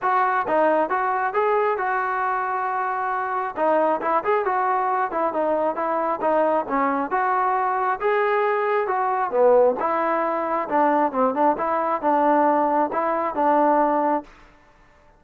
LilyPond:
\new Staff \with { instrumentName = "trombone" } { \time 4/4 \tempo 4 = 135 fis'4 dis'4 fis'4 gis'4 | fis'1 | dis'4 e'8 gis'8 fis'4. e'8 | dis'4 e'4 dis'4 cis'4 |
fis'2 gis'2 | fis'4 b4 e'2 | d'4 c'8 d'8 e'4 d'4~ | d'4 e'4 d'2 | }